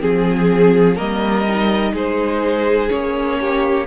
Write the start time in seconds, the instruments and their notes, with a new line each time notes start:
0.00 cello F3, viola C4, violin G#4
0.96 cello G3, viola A#3, violin A#4 D#5
1.48 viola D#4
1.93 cello G#3, violin G#4 C5
2.89 cello A#3, viola C#4, violin C#5
3.41 violin G4